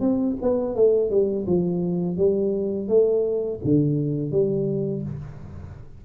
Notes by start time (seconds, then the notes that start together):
0.00 C4
0.42 B3
0.75 A3
1.10 G3
1.46 F3
2.17 G3
2.88 A3
3.64 D3
4.31 G3